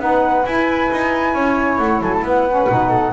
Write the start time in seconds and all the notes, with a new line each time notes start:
0.00 B3 D#4 B4 F#5
0.46 E4 G#5
0.92 D#4
1.34 C#4 C#5
1.78 A3 F#5
2.01 F#3 A4 G#5
2.14 A5
2.22 B3 B4 F#5
2.49 C#4
2.69 B2 D#4
2.89 A4